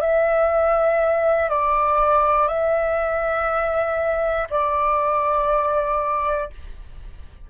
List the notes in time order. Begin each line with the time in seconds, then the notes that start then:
0.00 E5
1.49 D5
2.47 E5
4.50 D5